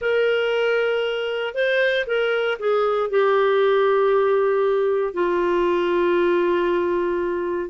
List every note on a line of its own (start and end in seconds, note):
0.01 1.54 A#4
1.54 2.05 C5
2.07 2.58 A#4
2.59 3.10 G#4
3.10 5.13 G4
5.13 7.69 F4